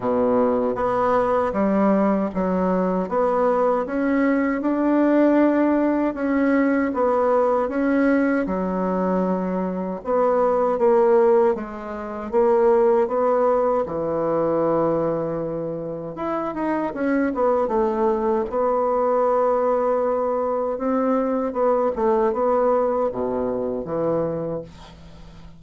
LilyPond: \new Staff \with { instrumentName = "bassoon" } { \time 4/4 \tempo 4 = 78 b,4 b4 g4 fis4 | b4 cis'4 d'2 | cis'4 b4 cis'4 fis4~ | fis4 b4 ais4 gis4 |
ais4 b4 e2~ | e4 e'8 dis'8 cis'8 b8 a4 | b2. c'4 | b8 a8 b4 b,4 e4 | }